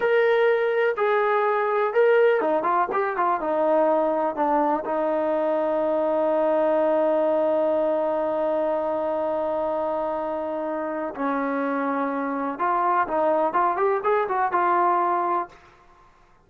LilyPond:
\new Staff \with { instrumentName = "trombone" } { \time 4/4 \tempo 4 = 124 ais'2 gis'2 | ais'4 dis'8 f'8 g'8 f'8 dis'4~ | dis'4 d'4 dis'2~ | dis'1~ |
dis'1~ | dis'2. cis'4~ | cis'2 f'4 dis'4 | f'8 g'8 gis'8 fis'8 f'2 | }